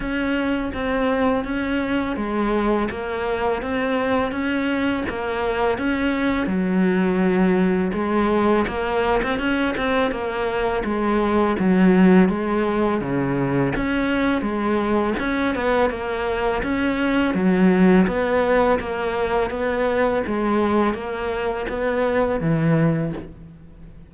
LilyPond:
\new Staff \with { instrumentName = "cello" } { \time 4/4 \tempo 4 = 83 cis'4 c'4 cis'4 gis4 | ais4 c'4 cis'4 ais4 | cis'4 fis2 gis4 | ais8. c'16 cis'8 c'8 ais4 gis4 |
fis4 gis4 cis4 cis'4 | gis4 cis'8 b8 ais4 cis'4 | fis4 b4 ais4 b4 | gis4 ais4 b4 e4 | }